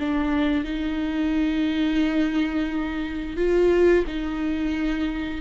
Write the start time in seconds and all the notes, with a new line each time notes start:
0.00 D4
0.65 D#4
3.37 F4
4.07 D#4